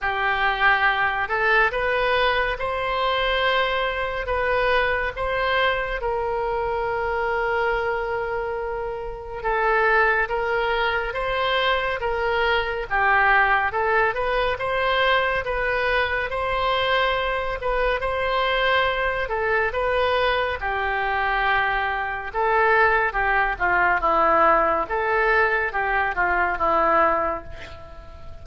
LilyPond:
\new Staff \with { instrumentName = "oboe" } { \time 4/4 \tempo 4 = 70 g'4. a'8 b'4 c''4~ | c''4 b'4 c''4 ais'4~ | ais'2. a'4 | ais'4 c''4 ais'4 g'4 |
a'8 b'8 c''4 b'4 c''4~ | c''8 b'8 c''4. a'8 b'4 | g'2 a'4 g'8 f'8 | e'4 a'4 g'8 f'8 e'4 | }